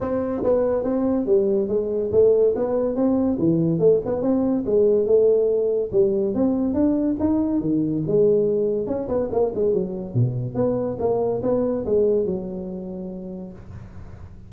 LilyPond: \new Staff \with { instrumentName = "tuba" } { \time 4/4 \tempo 4 = 142 c'4 b4 c'4 g4 | gis4 a4 b4 c'4 | e4 a8 b8 c'4 gis4 | a2 g4 c'4 |
d'4 dis'4 dis4 gis4~ | gis4 cis'8 b8 ais8 gis8 fis4 | b,4 b4 ais4 b4 | gis4 fis2. | }